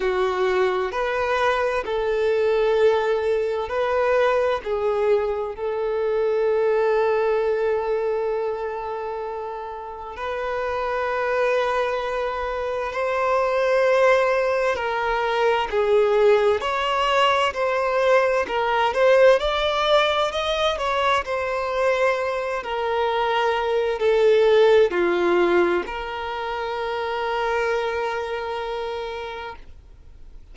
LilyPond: \new Staff \with { instrumentName = "violin" } { \time 4/4 \tempo 4 = 65 fis'4 b'4 a'2 | b'4 gis'4 a'2~ | a'2. b'4~ | b'2 c''2 |
ais'4 gis'4 cis''4 c''4 | ais'8 c''8 d''4 dis''8 cis''8 c''4~ | c''8 ais'4. a'4 f'4 | ais'1 | }